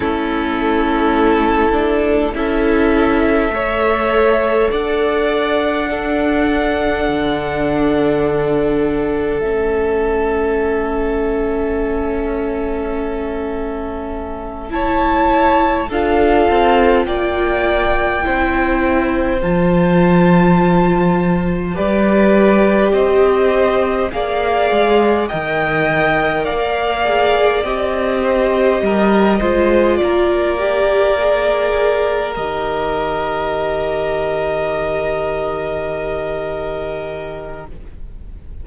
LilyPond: <<
  \new Staff \with { instrumentName = "violin" } { \time 4/4 \tempo 4 = 51 a'2 e''2 | fis''1 | e''1~ | e''8 a''4 f''4 g''4.~ |
g''8 a''2 d''4 dis''8~ | dis''8 f''4 g''4 f''4 dis''8~ | dis''4. d''2 dis''8~ | dis''1 | }
  \new Staff \with { instrumentName = "violin" } { \time 4/4 e'2 a'4 cis''4 | d''4 a'2.~ | a'1~ | a'8 cis''4 a'4 d''4 c''8~ |
c''2~ c''8 b'4 c''8~ | c''8 d''4 dis''4 d''4. | c''8 ais'8 c''8 ais'2~ ais'8~ | ais'1 | }
  \new Staff \with { instrumentName = "viola" } { \time 4/4 cis'4. d'8 e'4 a'4~ | a'4 d'2. | cis'1~ | cis'8 e'4 f'2 e'8~ |
e'8 f'2 g'4.~ | g'8 gis'4 ais'4. gis'8 g'8~ | g'4 f'4 g'8 gis'4 g'8~ | g'1 | }
  \new Staff \with { instrumentName = "cello" } { \time 4/4 a2 cis'4 a4 | d'2 d2 | a1~ | a4. d'8 c'8 ais4 c'8~ |
c'8 f2 g4 c'8~ | c'8 ais8 gis8 dis4 ais4 c'8~ | c'8 g8 gis8 ais2 dis8~ | dis1 | }
>>